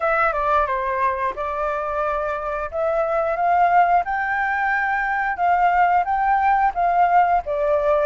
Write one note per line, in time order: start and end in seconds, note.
0.00 0.32 E5
0.32 0.66 D5
0.66 1.33 C5
1.35 2.70 D5
2.71 3.36 E5
3.36 4.03 F5
4.04 5.36 G5
5.36 6.04 F5
6.05 6.72 G5
6.74 7.42 F5
7.45 8.06 D5